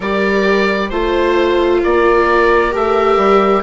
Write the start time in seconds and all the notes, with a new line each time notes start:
0.00 G3 G4 A#4 D5
0.89 A3 F4 C5
1.83 A#3 A#4 D5
2.70 A3 G4 E5
3.16 G3